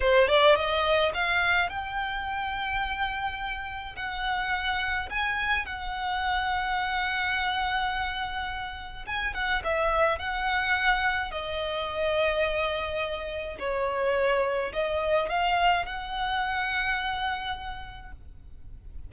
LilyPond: \new Staff \with { instrumentName = "violin" } { \time 4/4 \tempo 4 = 106 c''8 d''8 dis''4 f''4 g''4~ | g''2. fis''4~ | fis''4 gis''4 fis''2~ | fis''1 |
gis''8 fis''8 e''4 fis''2 | dis''1 | cis''2 dis''4 f''4 | fis''1 | }